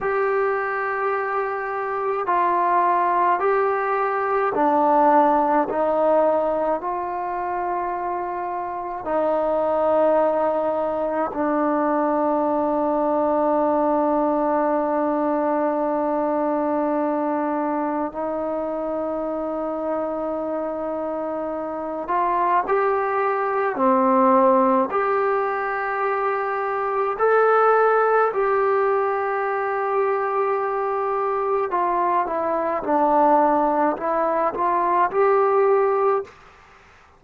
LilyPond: \new Staff \with { instrumentName = "trombone" } { \time 4/4 \tempo 4 = 53 g'2 f'4 g'4 | d'4 dis'4 f'2 | dis'2 d'2~ | d'1 |
dis'2.~ dis'8 f'8 | g'4 c'4 g'2 | a'4 g'2. | f'8 e'8 d'4 e'8 f'8 g'4 | }